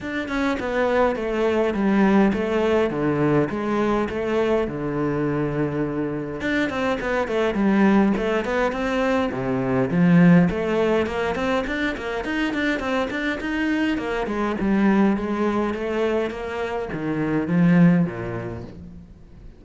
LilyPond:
\new Staff \with { instrumentName = "cello" } { \time 4/4 \tempo 4 = 103 d'8 cis'8 b4 a4 g4 | a4 d4 gis4 a4 | d2. d'8 c'8 | b8 a8 g4 a8 b8 c'4 |
c4 f4 a4 ais8 c'8 | d'8 ais8 dis'8 d'8 c'8 d'8 dis'4 | ais8 gis8 g4 gis4 a4 | ais4 dis4 f4 ais,4 | }